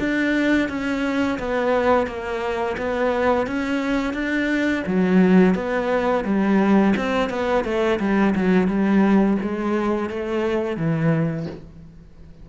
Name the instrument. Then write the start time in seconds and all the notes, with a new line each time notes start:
cello
0.00 D4
0.69 C#4
1.39 B3
2.07 A#3
2.78 B3
3.47 C#4
4.14 D4
4.87 F#3
5.55 B3
6.24 G3
6.97 C4
7.30 B3
7.65 A3
8.00 G3
8.35 F#3
8.68 G3
9.42 G#3
10.10 A3
10.77 E3